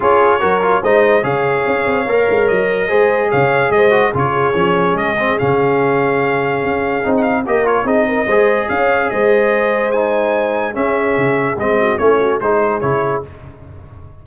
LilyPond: <<
  \new Staff \with { instrumentName = "trumpet" } { \time 4/4 \tempo 4 = 145 cis''2 dis''4 f''4~ | f''2 dis''2 | f''4 dis''4 cis''2 | dis''4 f''2.~ |
f''4~ f''16 fis''16 f''8 dis''8 cis''8 dis''4~ | dis''4 f''4 dis''2 | gis''2 e''2 | dis''4 cis''4 c''4 cis''4 | }
  \new Staff \with { instrumentName = "horn" } { \time 4/4 gis'4 ais'4 c''4 cis''4~ | cis''2. c''4 | cis''4 c''4 gis'2~ | gis'1~ |
gis'2 ais'4 gis'8 ais'8 | c''4 cis''4 c''2~ | c''2 gis'2~ | gis'8 fis'8 e'8 fis'8 gis'2 | }
  \new Staff \with { instrumentName = "trombone" } { \time 4/4 f'4 fis'8 f'8 dis'4 gis'4~ | gis'4 ais'2 gis'4~ | gis'4. fis'8 f'4 cis'4~ | cis'8 c'8 cis'2.~ |
cis'4 dis'4 g'8 f'8 dis'4 | gis'1 | dis'2 cis'2 | c'4 cis'4 dis'4 e'4 | }
  \new Staff \with { instrumentName = "tuba" } { \time 4/4 cis'4 fis4 gis4 cis4 | cis'8 c'8 ais8 gis8 fis4 gis4 | cis4 gis4 cis4 f4 | gis4 cis2. |
cis'4 c'4 ais4 c'4 | gis4 cis'4 gis2~ | gis2 cis'4 cis4 | gis4 a4 gis4 cis4 | }
>>